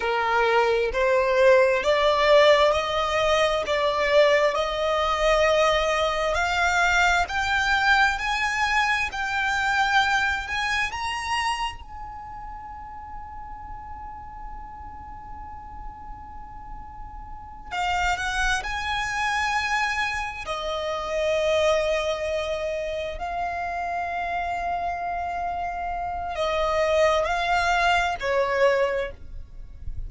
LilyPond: \new Staff \with { instrumentName = "violin" } { \time 4/4 \tempo 4 = 66 ais'4 c''4 d''4 dis''4 | d''4 dis''2 f''4 | g''4 gis''4 g''4. gis''8 | ais''4 gis''2.~ |
gis''2.~ gis''8 f''8 | fis''8 gis''2 dis''4.~ | dis''4. f''2~ f''8~ | f''4 dis''4 f''4 cis''4 | }